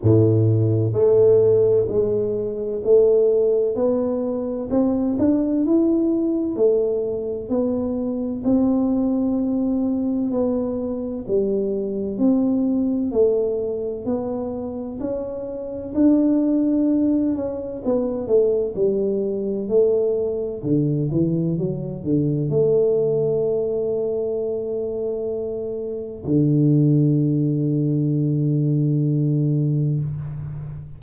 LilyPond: \new Staff \with { instrumentName = "tuba" } { \time 4/4 \tempo 4 = 64 a,4 a4 gis4 a4 | b4 c'8 d'8 e'4 a4 | b4 c'2 b4 | g4 c'4 a4 b4 |
cis'4 d'4. cis'8 b8 a8 | g4 a4 d8 e8 fis8 d8 | a1 | d1 | }